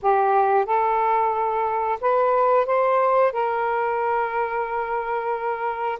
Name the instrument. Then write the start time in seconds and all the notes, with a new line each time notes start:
saxophone
0.02 G4
0.65 A4
2.01 B4
2.65 C5
3.32 A#4